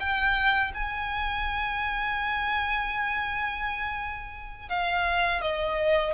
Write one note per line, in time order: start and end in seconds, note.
0.00 0.72 G5
0.75 4.70 G#5
4.70 5.42 F5
5.42 6.14 D#5